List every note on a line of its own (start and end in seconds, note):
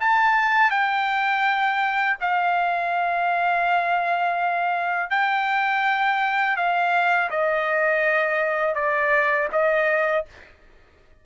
0.00 0.70 A5
0.70 2.17 G5
2.21 5.10 F5
5.10 6.57 G5
6.57 7.30 F5
7.30 8.75 D#5
8.75 9.48 D5
9.52 10.25 D#5